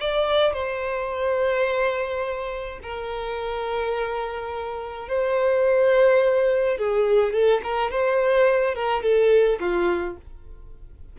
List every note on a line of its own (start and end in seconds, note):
0.00 0.52 D5
0.52 2.79 C5
2.82 5.08 A#4
5.08 6.77 C5
6.77 7.33 G#4
7.33 7.61 A4
7.63 7.91 A#4
7.91 8.75 C5
8.75 9.02 A#4
9.02 9.59 A4
9.60 10.16 F4